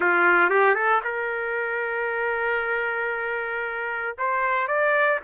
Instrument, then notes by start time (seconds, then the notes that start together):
trumpet
0.00 F4
0.50 G4
0.74 A4
1.03 A#4
4.17 C5
4.67 D5